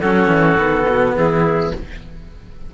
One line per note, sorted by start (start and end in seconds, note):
0.00 0.27 F#3
0.00 0.57 C#4
0.00 1.15 F#4
0.00 1.14 A4
0.27 0.55 E3
0.56 0.85 D#3
0.56 1.71 B3
0.89 1.14 B2
1.14 1.72 E3
1.14 1.74 E4
1.14 1.72 G#4